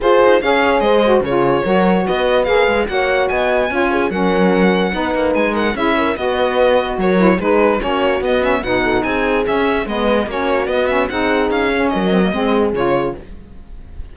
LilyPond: <<
  \new Staff \with { instrumentName = "violin" } { \time 4/4 \tempo 4 = 146 c''4 f''4 dis''4 cis''4~ | cis''4 dis''4 f''4 fis''4 | gis''2 fis''2~ | fis''4 gis''8 fis''8 e''4 dis''4~ |
dis''4 cis''4 b'4 cis''4 | dis''8 e''8 fis''4 gis''4 e''4 | dis''4 cis''4 dis''8 e''8 fis''4 | f''4 dis''2 cis''4 | }
  \new Staff \with { instrumentName = "horn" } { \time 4/4 gis'4 cis''4 c''4 gis'4 | ais'4 b'2 cis''4 | dis''4 cis''8 gis'8 ais'2 | b'4. ais'8 gis'8 ais'8 b'4~ |
b'4 ais'4 gis'4 fis'4~ | fis'4 b'8 a'8 gis'2 | b'4 fis'2 gis'4~ | gis'4 ais'4 gis'2 | }
  \new Staff \with { instrumentName = "saxophone" } { \time 4/4 f'4 gis'4. fis'8 f'4 | fis'2 gis'4 fis'4~ | fis'4 f'4 cis'2 | dis'2 e'4 fis'4~ |
fis'4. e'8 dis'4 cis'4 | b8 cis'8 dis'2 cis'4 | b4 cis'4 b8 cis'8 dis'4~ | dis'8 cis'4 c'16 ais16 c'4 f'4 | }
  \new Staff \with { instrumentName = "cello" } { \time 4/4 f'8 dis'8 cis'4 gis4 cis4 | fis4 b4 ais8 gis8 ais4 | b4 cis'4 fis2 | b8 ais8 gis4 cis'4 b4~ |
b4 fis4 gis4 ais4 | b4 b,4 c'4 cis'4 | gis4 ais4 b4 c'4 | cis'4 fis4 gis4 cis4 | }
>>